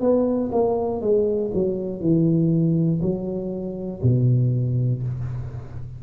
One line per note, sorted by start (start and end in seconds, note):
0.00 0.50 B3
0.51 1.01 A#3
1.01 1.51 G#3
1.54 2.01 F#3
2.01 3.01 E3
3.02 4.02 F#3
4.03 5.03 B2